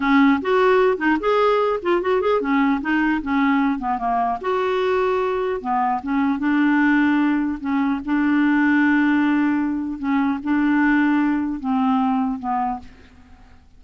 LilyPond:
\new Staff \with { instrumentName = "clarinet" } { \time 4/4 \tempo 4 = 150 cis'4 fis'4. dis'8 gis'4~ | gis'8 f'8 fis'8 gis'8 cis'4 dis'4 | cis'4. b8 ais4 fis'4~ | fis'2 b4 cis'4 |
d'2. cis'4 | d'1~ | d'4 cis'4 d'2~ | d'4 c'2 b4 | }